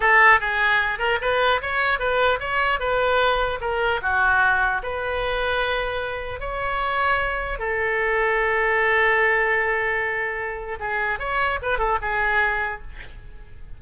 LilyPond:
\new Staff \with { instrumentName = "oboe" } { \time 4/4 \tempo 4 = 150 a'4 gis'4. ais'8 b'4 | cis''4 b'4 cis''4 b'4~ | b'4 ais'4 fis'2 | b'1 |
cis''2. a'4~ | a'1~ | a'2. gis'4 | cis''4 b'8 a'8 gis'2 | }